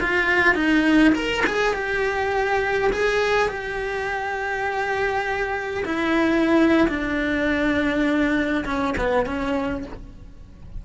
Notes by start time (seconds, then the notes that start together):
0.00 F4
0.54 D#4
1.14 A#4
1.46 G#4
1.73 G4
2.92 G#4
3.48 G4
5.85 E4
6.88 D4
8.65 C#4
8.97 B3
9.26 C#4